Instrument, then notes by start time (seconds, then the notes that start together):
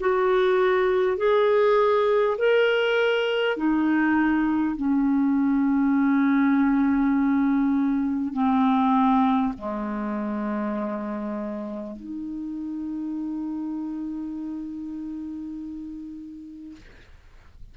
clarinet
0.00 F#4
1.17 G#4
2.38 A#4
3.56 D#4
4.76 C#4
8.33 C4
9.58 G#3
11.96 D#4